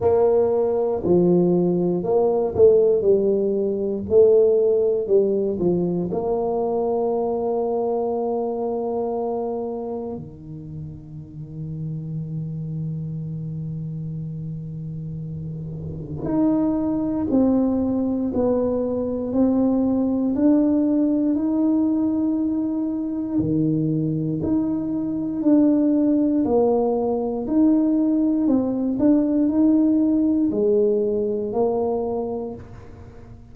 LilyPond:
\new Staff \with { instrumentName = "tuba" } { \time 4/4 \tempo 4 = 59 ais4 f4 ais8 a8 g4 | a4 g8 f8 ais2~ | ais2 dis2~ | dis1 |
dis'4 c'4 b4 c'4 | d'4 dis'2 dis4 | dis'4 d'4 ais4 dis'4 | c'8 d'8 dis'4 gis4 ais4 | }